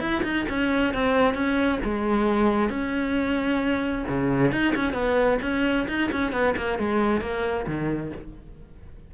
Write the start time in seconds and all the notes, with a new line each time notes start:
0.00 E4
0.24 D#4
0.49 C#4
0.94 C4
1.34 C#4
1.84 G#3
2.69 C#4
4.08 C#3
4.52 D#4
4.76 C#4
4.93 B3
5.42 C#4
5.88 D#4
6.12 C#4
6.32 B3
6.57 A#3
6.79 G#3
7.21 A#3
7.67 D#3